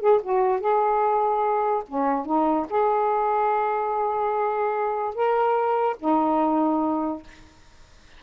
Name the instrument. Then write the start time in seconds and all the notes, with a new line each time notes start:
saxophone
0.00 G#4
0.23 F#4
0.60 G#4
1.88 C#4
2.25 D#4
2.70 G#4
5.15 A#4
5.99 D#4